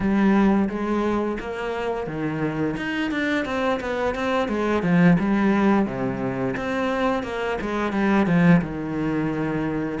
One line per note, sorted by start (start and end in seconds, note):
0.00 0.68 G3
0.69 1.38 G#3
1.39 2.07 A#3
2.07 2.76 D#3
2.76 3.11 D#4
3.11 3.45 D4
3.45 3.79 C4
3.80 4.14 B3
4.14 4.48 C4
4.48 4.82 G#3
4.82 5.17 F3
5.19 5.86 G3
5.86 6.55 C3
6.56 7.23 C4
7.23 7.57 A#3
7.61 7.92 G#3
7.92 8.26 G3
8.26 8.61 F3
8.61 9.99 D#3